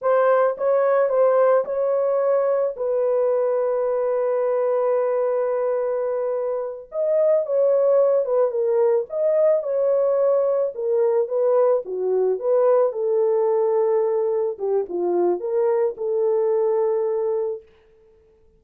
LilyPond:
\new Staff \with { instrumentName = "horn" } { \time 4/4 \tempo 4 = 109 c''4 cis''4 c''4 cis''4~ | cis''4 b'2.~ | b'1~ | b'8 dis''4 cis''4. b'8 ais'8~ |
ais'8 dis''4 cis''2 ais'8~ | ais'8 b'4 fis'4 b'4 a'8~ | a'2~ a'8 g'8 f'4 | ais'4 a'2. | }